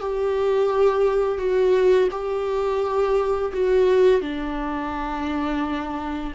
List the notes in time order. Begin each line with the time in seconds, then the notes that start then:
0.00 G4
1.38 F#4
2.11 G4
3.54 F#4
4.21 D4